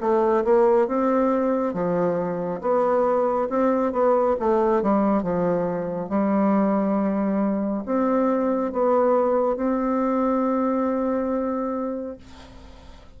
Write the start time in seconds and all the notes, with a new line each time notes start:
0.00 A3
0.44 A#3
0.87 C4
1.73 F3
2.61 B3
3.49 C4
3.92 B3
4.39 A3
4.82 G3
5.23 F3
6.09 G3
7.85 C4
8.72 B3
9.56 C4